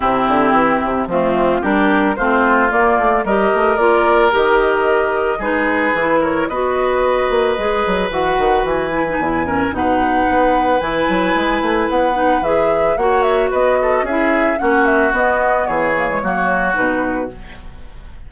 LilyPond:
<<
  \new Staff \with { instrumentName = "flute" } { \time 4/4 \tempo 4 = 111 g'2 f'4 ais'4 | c''4 d''4 dis''4 d''4 | dis''2 b'4. cis''8 | dis''2. fis''4 |
gis''2 fis''2 | gis''2 fis''4 e''4 | fis''8 e''8 dis''4 e''4 fis''8 e''8 | dis''4 cis''2 b'4 | }
  \new Staff \with { instrumentName = "oboe" } { \time 4/4 e'2 c'4 g'4 | f'2 ais'2~ | ais'2 gis'4. ais'8 | b'1~ |
b'4. ais'8 b'2~ | b'1 | cis''4 b'8 a'8 gis'4 fis'4~ | fis'4 gis'4 fis'2 | }
  \new Staff \with { instrumentName = "clarinet" } { \time 4/4 c'2 a4 d'4 | c'4 ais4 g'4 f'4 | g'2 dis'4 e'4 | fis'2 gis'4 fis'4~ |
fis'8 e'16 dis'16 e'8 cis'8 dis'2 | e'2~ e'8 dis'8 gis'4 | fis'2 e'4 cis'4 | b4. ais16 gis16 ais4 dis'4 | }
  \new Staff \with { instrumentName = "bassoon" } { \time 4/4 c8 d8 e8 c8 f4 g4 | a4 ais8 a8 g8 a8 ais4 | dis2 gis4 e4 | b4. ais8 gis8 fis8 e8 dis8 |
e4 e,4 b,4 b4 | e8 fis8 gis8 a8 b4 e4 | ais4 b4 cis'4 ais4 | b4 e4 fis4 b,4 | }
>>